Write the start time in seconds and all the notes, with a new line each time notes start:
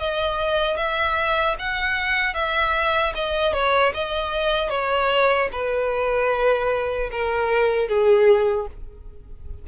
0.00 D#5
0.77 E5
1.59 F#5
2.34 E5
3.15 D#5
3.53 C#5
3.94 D#5
4.70 C#5
5.52 B4
7.12 A#4
7.88 G#4